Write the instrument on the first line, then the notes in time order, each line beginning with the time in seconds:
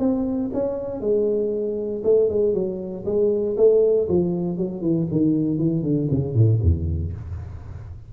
tuba
0.00 C4
0.54 C#4
1.01 G#3
2.04 A3
2.30 G#3
2.54 F#3
3.06 G#3
3.58 A3
4.09 F3
4.58 F#3
4.82 E3
5.12 D#3
5.59 E3
5.83 D3
6.11 C#3
6.35 A2
6.63 E2